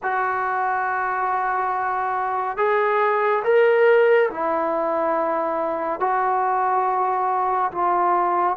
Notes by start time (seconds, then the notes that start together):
0.02 F#4
2.57 G#4
3.44 A#4
4.30 E4
6.00 F#4
7.71 F4